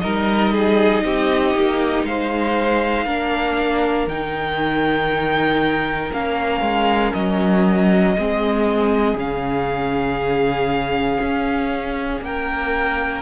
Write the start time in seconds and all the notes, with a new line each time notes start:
0.00 G3 D#4 A#4 D#5
0.53 G#4
1.04 C4 G4
1.55 A#3
2.04 G#3 C5 F5
3.06 A#3 D4 A#4
4.07 D#3 D#4 G5
6.13 A#3 C#4 F5
6.61 G#3
7.14 F#3 D#5
8.18 G#3 C4 G#4
9.15 C#3 C#4 F5
11.21 C#4
12.21 A#3 A#4 G5